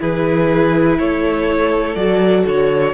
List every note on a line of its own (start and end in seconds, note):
0.00 0.99 E3
0.00 1.97 E4
0.00 0.99 G#4
0.00 0.99 B4
0.99 1.96 A3
0.99 2.94 A4
0.99 1.95 C#5
1.95 2.45 F#3
1.95 2.94 F#4
1.95 2.44 D5
2.47 2.94 D3
2.47 2.94 C#5